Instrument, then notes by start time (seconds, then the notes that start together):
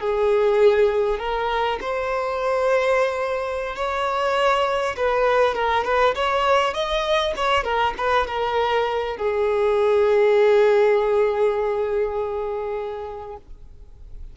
violin
0.00 G#4
1.19 A#4
1.81 C5
3.76 C#5
4.96 B4
5.55 A#4
5.84 B4
6.15 C#5
6.74 D#5
7.36 C#5
7.64 A#4
7.97 B4
8.27 A#4
9.17 G#4